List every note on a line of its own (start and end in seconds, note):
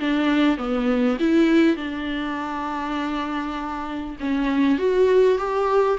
0.00 0.58 D4
0.58 1.18 B3
1.20 1.77 E4
1.77 4.17 D4
4.21 4.79 C#4
4.79 5.38 F#4
5.38 5.98 G4